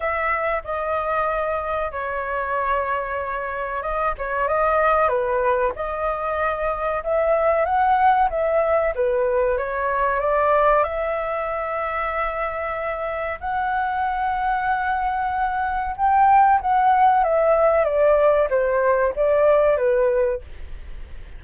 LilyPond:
\new Staff \with { instrumentName = "flute" } { \time 4/4 \tempo 4 = 94 e''4 dis''2 cis''4~ | cis''2 dis''8 cis''8 dis''4 | b'4 dis''2 e''4 | fis''4 e''4 b'4 cis''4 |
d''4 e''2.~ | e''4 fis''2.~ | fis''4 g''4 fis''4 e''4 | d''4 c''4 d''4 b'4 | }